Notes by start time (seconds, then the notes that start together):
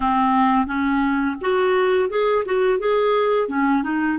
0.00 C4
0.66 C#4
1.41 F#4
2.09 G#4
2.45 F#4
2.79 G#4
3.48 C#4
3.83 D#4